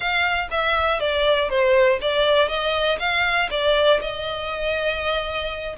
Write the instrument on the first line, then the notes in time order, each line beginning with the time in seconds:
violin
0.00 F5
0.50 E5
1.00 D5
1.49 C5
2.01 D5
2.48 D#5
2.99 F5
3.50 D5
4.01 D#5